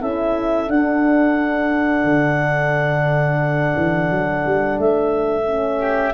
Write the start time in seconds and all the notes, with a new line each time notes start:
0.00 C#4 E4 A4 E5
0.68 D4 F#5
2.04 D3
3.76 E3
4.10 F#3
4.45 G3
4.78 A3 E5
5.46 C#4
5.79 G4